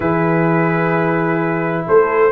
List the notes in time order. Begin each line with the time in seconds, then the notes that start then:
0.00 E3 E4 G#4 B4
1.86 A3 A4 C5